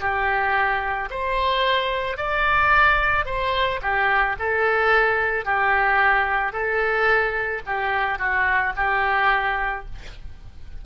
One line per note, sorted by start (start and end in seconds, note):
0.00 1.09 G4
1.10 2.17 C5
2.17 3.25 D5
3.25 3.80 C5
3.82 4.36 G4
4.39 5.45 A4
5.45 6.53 G4
6.53 7.62 A4
7.66 8.19 G4
8.19 8.73 F#4
8.76 9.85 G4